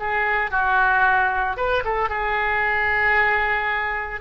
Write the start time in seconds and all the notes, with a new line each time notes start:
0.00 G#4
0.51 F#4
1.57 B4
1.85 A4
2.10 G#4